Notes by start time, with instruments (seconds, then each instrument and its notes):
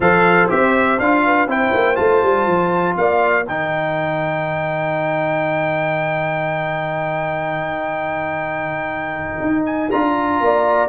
0.00 tuba F3, trombone A4, horn C5, trumpet F5
0.49 tuba C4, trombone G4, trumpet E5
0.99 tuba D4, trombone F4, trumpet F5
1.25 horn B4
1.47 tuba C4, trombone E4, horn C5, trumpet G5
1.73 tuba A#3
1.95 tuba A3, trombone F4, trumpet A5
2.22 tuba G3
2.46 tuba F3
2.96 tuba A#3, horn D5, trumpet F5
3.47 tuba D#3, trombone D#4, horn A#4, trumpet G5
9.41 tuba D#4
9.65 trumpet G#5
9.91 tuba D4, trombone F4, trumpet A#5
10.41 tuba A#3, horn D5